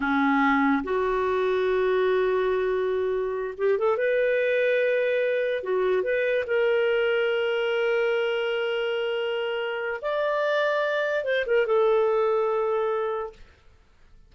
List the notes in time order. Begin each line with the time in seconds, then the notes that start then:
0.00 C#4
0.83 F#4
3.57 G4
3.78 A4
3.97 B4
5.63 F#4
6.02 B4
6.46 A#4
10.01 D5
11.24 C5
11.46 A#4
11.66 A4